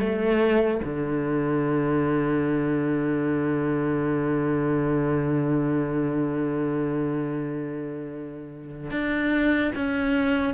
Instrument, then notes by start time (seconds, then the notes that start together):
cello
0.00 A3
0.84 D3
8.91 D4
9.76 C#4